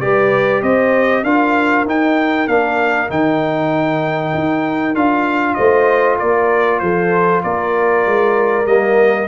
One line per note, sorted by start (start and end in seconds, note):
0.00 0.62 G3
0.00 1.24 G4
0.00 0.63 B4
0.00 0.62 D5
0.62 1.23 C4
0.62 1.24 C5
0.62 1.24 D#5
1.23 1.85 D4
1.23 1.86 F4
1.23 5.56 A#4
1.23 1.85 F5
1.85 2.47 D#4
1.85 2.47 G5
2.47 3.09 A#3
2.47 3.09 D4
2.47 3.09 F5
3.09 4.33 D#3
3.09 4.94 D#4
3.09 4.95 G5
4.34 4.94 D#4
4.94 5.56 D4
4.94 8.65 F4
4.94 5.54 F5
5.54 6.20 A3
5.54 6.18 C5
5.54 6.16 D#5
6.18 6.81 A#3
6.18 6.80 A#4
6.18 6.79 D5
6.79 7.43 F3
6.79 7.44 A4
6.79 7.41 C5
7.43 8.06 A#3
7.43 9.27 A#4
7.43 8.66 D5
8.06 8.66 G#3
8.66 9.27 G3
8.66 9.27 A#3
8.66 9.27 D#5